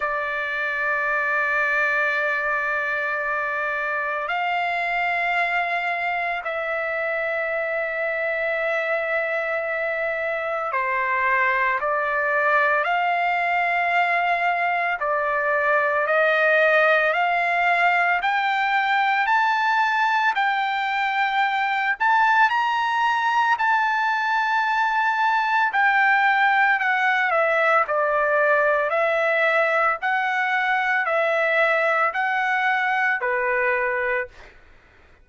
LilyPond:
\new Staff \with { instrumentName = "trumpet" } { \time 4/4 \tempo 4 = 56 d''1 | f''2 e''2~ | e''2 c''4 d''4 | f''2 d''4 dis''4 |
f''4 g''4 a''4 g''4~ | g''8 a''8 ais''4 a''2 | g''4 fis''8 e''8 d''4 e''4 | fis''4 e''4 fis''4 b'4 | }